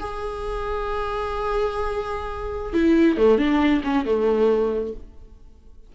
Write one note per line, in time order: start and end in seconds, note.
0.00 2.74 G#4
2.74 3.18 E4
3.18 3.38 A3
3.38 3.82 D4
3.84 4.06 C#4
4.06 4.93 A3